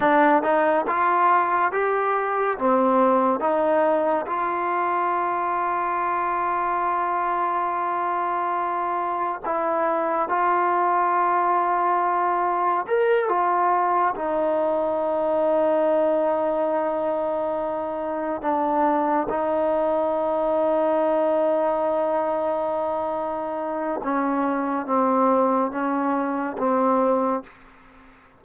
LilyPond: \new Staff \with { instrumentName = "trombone" } { \time 4/4 \tempo 4 = 70 d'8 dis'8 f'4 g'4 c'4 | dis'4 f'2.~ | f'2. e'4 | f'2. ais'8 f'8~ |
f'8 dis'2.~ dis'8~ | dis'4. d'4 dis'4.~ | dis'1 | cis'4 c'4 cis'4 c'4 | }